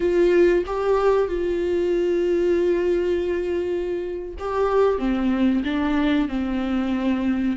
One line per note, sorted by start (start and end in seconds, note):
0.00 0.64 F4
0.66 1.28 G4
1.28 4.34 F4
4.39 4.98 G4
4.98 5.63 C4
5.63 6.28 D4
6.28 7.57 C4